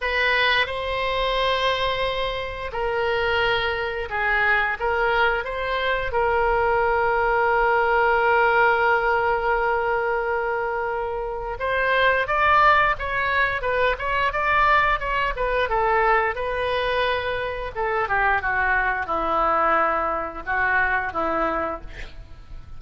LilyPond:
\new Staff \with { instrumentName = "oboe" } { \time 4/4 \tempo 4 = 88 b'4 c''2. | ais'2 gis'4 ais'4 | c''4 ais'2.~ | ais'1~ |
ais'4 c''4 d''4 cis''4 | b'8 cis''8 d''4 cis''8 b'8 a'4 | b'2 a'8 g'8 fis'4 | e'2 fis'4 e'4 | }